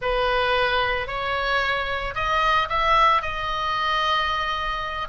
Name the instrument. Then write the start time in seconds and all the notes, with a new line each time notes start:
oboe
0.01 B4
1.07 C#5
2.14 D#5
2.69 E5
3.21 D#5